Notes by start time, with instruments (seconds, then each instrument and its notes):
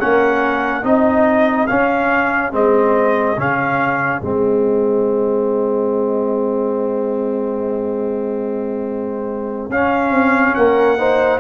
0.00 tuba A#3, trombone C#4, horn A#4, trumpet F#5
0.83 tuba C4, trombone D#4, horn G#4, trumpet D#5
1.67 trombone C#4, tuba C#4, trumpet F5
2.52 tuba G#3, trombone C4, trumpet D#5
3.38 tuba C#3, trombone C#4, trumpet F5
4.22 tuba G#3, trombone C4, trumpet D#5
9.70 tuba C#4, trombone C#4, trumpet F5
10.11 tuba C4
10.55 tuba A#3, horn A#4, trumpet F#5
10.98 trombone D#4, horn C5